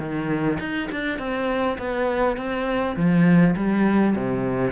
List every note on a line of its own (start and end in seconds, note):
0.00 0.59 D#3
0.60 0.89 D#4
0.92 1.19 D4
1.19 1.78 C4
1.78 2.37 B3
2.37 2.96 C4
2.96 3.55 F3
3.56 4.15 G3
4.16 4.72 C3